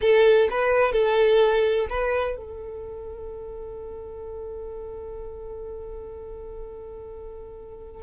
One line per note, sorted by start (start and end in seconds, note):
0.01 0.48 A4
0.50 0.92 B4
0.92 1.87 A4
1.89 2.36 B4
2.36 8.03 A4